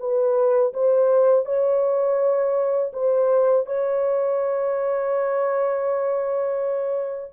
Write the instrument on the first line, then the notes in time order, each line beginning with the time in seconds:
horn
0.00 B4
0.74 C5
1.46 C#5
2.93 C5
3.66 C#5